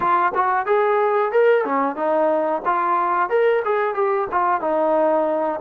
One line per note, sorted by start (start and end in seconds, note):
0.00 0.32 F4
0.34 0.66 F#4
0.66 1.32 G#4
1.32 1.65 A#4
1.65 1.95 C#4
1.95 2.61 D#4
2.65 3.29 F4
3.29 3.62 A#4
3.64 3.94 G#4
3.94 4.27 G4
4.31 4.61 F4
4.61 5.60 D#4